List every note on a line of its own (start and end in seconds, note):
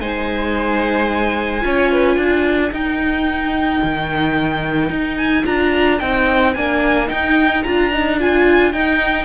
0.00 1.64 G#3
0.00 1.61 D#4
0.00 1.64 C5
0.00 2.73 G#5
1.61 2.17 C#4
1.61 2.70 F4
1.61 1.92 C#5
1.92 2.18 B4
2.17 2.71 D4
2.17 9.25 A#4
2.72 3.81 D#4
2.72 5.44 D#4
2.72 5.17 G5
3.82 4.90 D#3
4.90 5.44 D#4
5.17 5.44 G#5
5.44 6.00 D4
5.44 5.99 F4
5.44 5.99 A#5
5.99 6.55 C4
5.99 6.56 D#4
5.99 6.54 G5
6.54 7.10 A#3
6.54 7.06 D4
6.54 7.08 G#5
7.06 7.61 D#4
7.06 7.65 D#4
7.06 7.63 G5
7.63 8.73 D4
7.63 7.92 F4
7.63 8.17 A#5
7.92 8.20 D#4
8.20 8.73 F4
8.20 8.72 G#5
8.72 9.25 D#4
8.72 9.25 G5